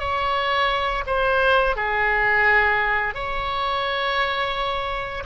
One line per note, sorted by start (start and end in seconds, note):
0.00 1.05 C#5
1.07 1.76 C5
1.76 3.15 G#4
3.15 5.24 C#5